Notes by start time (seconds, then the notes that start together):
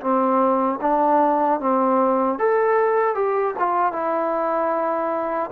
0.00 C4
0.81 D4
1.60 C4
2.38 A4
3.15 G4
3.58 F4
3.92 E4